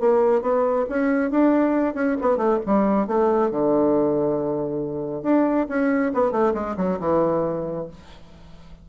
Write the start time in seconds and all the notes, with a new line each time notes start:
0.00 A#3
0.42 B3
0.89 C#4
1.31 D4
1.94 C#4
2.21 B3
2.37 A3
2.66 G3
3.07 A3
3.51 D3
5.23 D4
5.69 C#4
6.14 B3
6.31 A3
6.54 G#3
6.77 F#3
6.99 E3